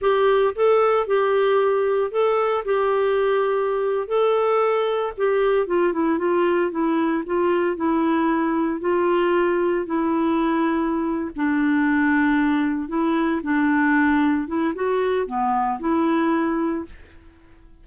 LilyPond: \new Staff \with { instrumentName = "clarinet" } { \time 4/4 \tempo 4 = 114 g'4 a'4 g'2 | a'4 g'2~ g'8. a'16~ | a'4.~ a'16 g'4 f'8 e'8 f'16~ | f'8. e'4 f'4 e'4~ e'16~ |
e'8. f'2 e'4~ e'16~ | e'4. d'2~ d'8~ | d'8 e'4 d'2 e'8 | fis'4 b4 e'2 | }